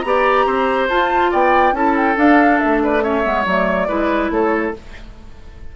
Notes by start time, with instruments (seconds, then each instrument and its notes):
0.00 bassoon B3, clarinet G4, flute A#5
0.07 oboe D5
0.45 bassoon C4, oboe C5
0.89 bassoon F4, clarinet F4, flute A5
1.30 bassoon B3, oboe D5, flute G5
1.72 bassoon C#4, clarinet E4, oboe A4, flute A5
1.96 flute G5
2.15 clarinet D4, bassoon D4, flute F5
2.59 bassoon A3, flute E5
2.83 oboe B4, flute D5
3.00 clarinet C#4, oboe C#5, flute E5
3.23 bassoon G#3, clarinet B3
3.45 bassoon F#3, clarinet A3, flute D5
3.88 bassoon G#3, clarinet E4, oboe B4
4.30 bassoon A3, oboe A4, flute C#5